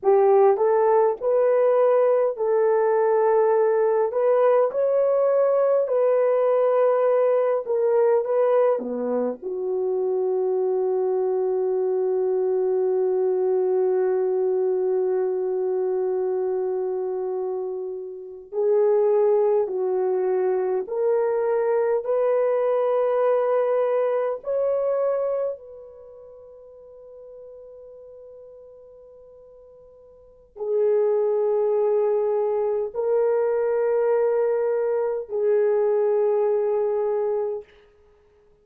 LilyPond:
\new Staff \with { instrumentName = "horn" } { \time 4/4 \tempo 4 = 51 g'8 a'8 b'4 a'4. b'8 | cis''4 b'4. ais'8 b'8 b8 | fis'1~ | fis'2.~ fis'8. gis'16~ |
gis'8. fis'4 ais'4 b'4~ b'16~ | b'8. cis''4 b'2~ b'16~ | b'2 gis'2 | ais'2 gis'2 | }